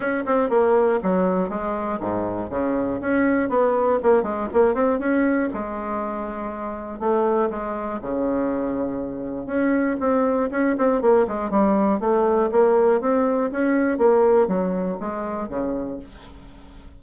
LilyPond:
\new Staff \with { instrumentName = "bassoon" } { \time 4/4 \tempo 4 = 120 cis'8 c'8 ais4 fis4 gis4 | gis,4 cis4 cis'4 b4 | ais8 gis8 ais8 c'8 cis'4 gis4~ | gis2 a4 gis4 |
cis2. cis'4 | c'4 cis'8 c'8 ais8 gis8 g4 | a4 ais4 c'4 cis'4 | ais4 fis4 gis4 cis4 | }